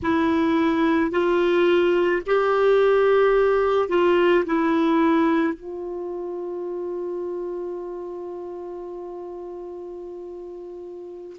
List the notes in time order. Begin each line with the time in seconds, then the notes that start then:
0.02 E4
1.11 F4
2.26 G4
3.88 F4
4.45 E4
5.53 F4